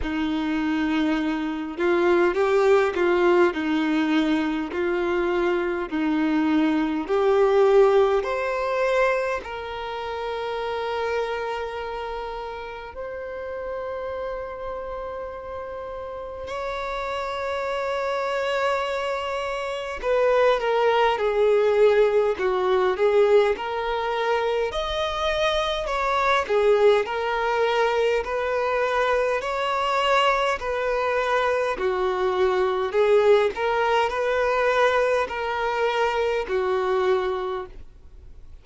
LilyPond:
\new Staff \with { instrumentName = "violin" } { \time 4/4 \tempo 4 = 51 dis'4. f'8 g'8 f'8 dis'4 | f'4 dis'4 g'4 c''4 | ais'2. c''4~ | c''2 cis''2~ |
cis''4 b'8 ais'8 gis'4 fis'8 gis'8 | ais'4 dis''4 cis''8 gis'8 ais'4 | b'4 cis''4 b'4 fis'4 | gis'8 ais'8 b'4 ais'4 fis'4 | }